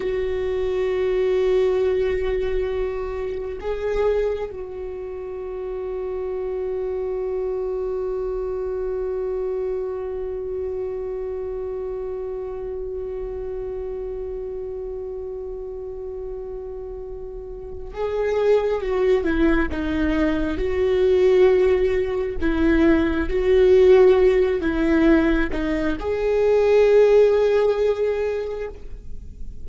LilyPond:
\new Staff \with { instrumentName = "viola" } { \time 4/4 \tempo 4 = 67 fis'1 | gis'4 fis'2.~ | fis'1~ | fis'1~ |
fis'1 | gis'4 fis'8 e'8 dis'4 fis'4~ | fis'4 e'4 fis'4. e'8~ | e'8 dis'8 gis'2. | }